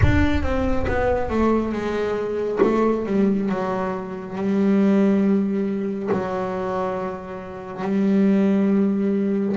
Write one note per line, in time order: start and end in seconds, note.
0.02 0.42 D4
0.42 0.86 C4
0.87 1.29 B3
1.29 1.72 A3
1.72 2.59 G#3
2.62 3.06 A3
3.06 3.49 G3
3.49 4.35 F#3
4.35 6.09 G3
6.11 7.81 F#3
7.81 9.55 G3